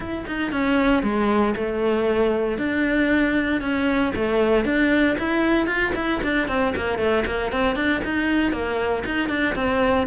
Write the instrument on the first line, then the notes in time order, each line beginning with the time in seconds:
cello
0.00 E4
0.26 D#4
0.51 C#4
1.03 G#3
1.55 A3
2.57 D4
3.61 C#4
4.15 A3
4.65 D4
5.18 E4
5.66 F4
5.95 E4
6.23 D4
6.48 C4
6.75 A#3
6.98 A3
7.26 A#3
7.52 C4
7.75 D4
8.04 D#4
8.52 A#3
9.05 D#4
9.28 D4
9.55 C4